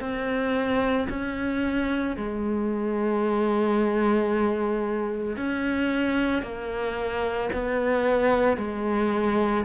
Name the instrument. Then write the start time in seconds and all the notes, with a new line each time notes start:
cello
0.00 C4
1.09 C#4
2.17 G#3
5.37 C#4
6.42 A#3
7.53 B3
8.57 G#3